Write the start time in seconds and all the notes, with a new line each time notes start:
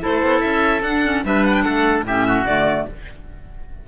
0.00 A3 E4 A4 C5
0.22 B3
0.41 C#4 E5
0.82 D4 F#5
1.04 C#4
1.23 G3 D4 B4 E5
1.45 F#5
1.53 G5
1.62 A3 A4 F#5
2.03 A2 C#4 G4 E5
2.26 F#4
2.44 D3 A3 D5